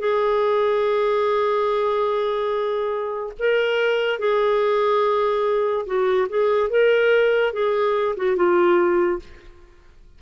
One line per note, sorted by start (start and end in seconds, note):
0.00 3.33 G#4
3.39 4.20 A#4
4.20 5.86 G#4
5.87 6.28 F#4
6.30 6.70 G#4
6.70 7.53 A#4
7.53 8.16 G#4
8.17 8.37 F#4
8.37 9.20 F4